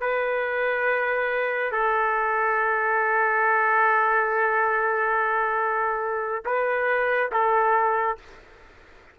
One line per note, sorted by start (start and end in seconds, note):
0.00 1.71 B4
1.71 6.43 A4
6.45 7.31 B4
7.32 8.17 A4